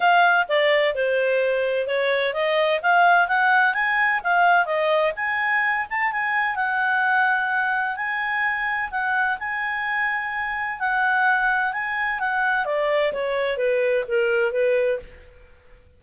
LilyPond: \new Staff \with { instrumentName = "clarinet" } { \time 4/4 \tempo 4 = 128 f''4 d''4 c''2 | cis''4 dis''4 f''4 fis''4 | gis''4 f''4 dis''4 gis''4~ | gis''8 a''8 gis''4 fis''2~ |
fis''4 gis''2 fis''4 | gis''2. fis''4~ | fis''4 gis''4 fis''4 d''4 | cis''4 b'4 ais'4 b'4 | }